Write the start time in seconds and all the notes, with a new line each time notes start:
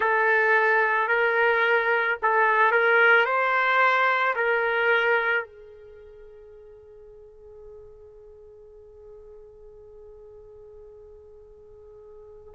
0.00 A4
1.08 A#4
2.22 A4
2.71 A#4
3.25 C5
4.35 A#4
5.44 G#4